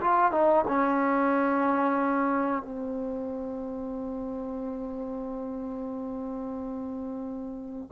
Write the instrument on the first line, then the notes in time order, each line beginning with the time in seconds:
trombone
0.00 F4
0.31 D#4
0.67 C#4
2.62 C4